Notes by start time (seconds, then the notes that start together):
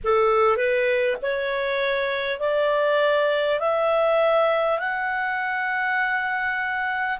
0.03 A4
0.57 B4
1.22 C#5
2.39 D5
3.59 E5
4.78 F#5